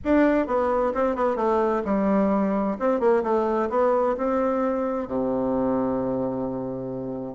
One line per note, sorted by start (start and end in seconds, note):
0.04 0.46 D4
0.46 0.93 B3
0.94 1.15 C4
1.15 1.36 B3
1.36 1.82 A3
1.84 2.77 G3
2.79 2.99 C4
2.99 3.22 A#3
3.23 3.69 A3
3.69 4.15 B3
4.17 5.07 C4
5.07 7.34 C3